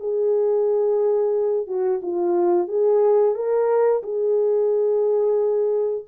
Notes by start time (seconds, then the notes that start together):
0.00 G#4
1.67 F#4
2.02 F4
2.68 G#4
3.35 A#4
4.03 G#4